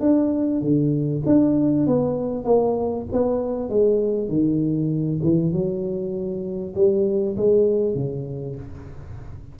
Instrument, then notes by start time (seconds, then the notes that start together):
tuba
0.00 D4
0.61 D3
1.26 D4
1.87 B3
2.45 A#3
3.12 B3
3.69 G#3
4.29 D#3
5.23 E3
5.52 F#3
6.75 G3
7.37 G#3
7.94 C#3